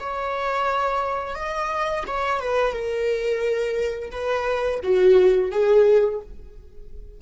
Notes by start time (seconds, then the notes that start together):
0.00 C#5
1.35 D#5
2.07 C#5
2.40 B4
2.73 A#4
4.12 B4
4.83 F#4
5.51 G#4